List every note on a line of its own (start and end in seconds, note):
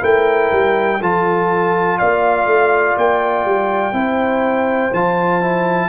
0.00 0.51 A3
0.00 0.99 E4
0.00 0.98 A#4
0.00 1.02 G5
0.52 1.01 G3
1.01 1.99 F3
1.01 3.93 F4
1.01 1.99 A4
1.01 1.99 A5
1.99 2.46 A#3
1.99 3.95 D5
1.99 2.97 F5
2.46 2.95 A3
2.97 3.45 A#3
2.97 4.94 G5
3.45 3.93 G3
3.93 4.91 C4
3.93 4.91 E4
3.93 5.89 C5
4.93 5.89 F3
4.93 5.42 F4
4.93 5.89 A5
5.42 5.89 E4